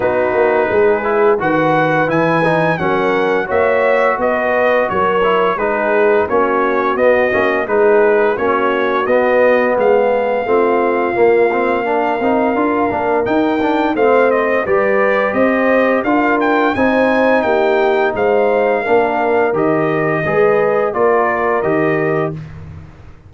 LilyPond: <<
  \new Staff \with { instrumentName = "trumpet" } { \time 4/4 \tempo 4 = 86 b'2 fis''4 gis''4 | fis''4 e''4 dis''4 cis''4 | b'4 cis''4 dis''4 b'4 | cis''4 dis''4 f''2~ |
f''2. g''4 | f''8 dis''8 d''4 dis''4 f''8 g''8 | gis''4 g''4 f''2 | dis''2 d''4 dis''4 | }
  \new Staff \with { instrumentName = "horn" } { \time 4/4 fis'4 gis'4 b'2 | ais'4 cis''4 b'4 ais'4 | gis'4 fis'2 gis'4 | fis'2 gis'4 f'4~ |
f'4 ais'2. | c''4 b'4 c''4 ais'4 | c''4 g'4 c''4 ais'4~ | ais'4 b'4 ais'2 | }
  \new Staff \with { instrumentName = "trombone" } { \time 4/4 dis'4. e'8 fis'4 e'8 dis'8 | cis'4 fis'2~ fis'8 e'8 | dis'4 cis'4 b8 cis'8 dis'4 | cis'4 b2 c'4 |
ais8 c'8 d'8 dis'8 f'8 d'8 dis'8 d'8 | c'4 g'2 f'4 | dis'2. d'4 | g'4 gis'4 f'4 g'4 | }
  \new Staff \with { instrumentName = "tuba" } { \time 4/4 b8 ais8 gis4 dis4 e4 | fis4 ais4 b4 fis4 | gis4 ais4 b8 ais8 gis4 | ais4 b4 gis4 a4 |
ais4. c'8 d'8 ais8 dis'4 | a4 g4 c'4 d'4 | c'4 ais4 gis4 ais4 | dis4 gis4 ais4 dis4 | }
>>